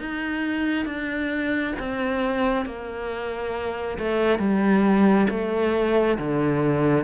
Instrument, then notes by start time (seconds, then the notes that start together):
cello
0.00 D#4
0.86 D4
1.79 C4
2.66 A#3
3.99 A3
4.39 G3
5.30 A3
6.18 D3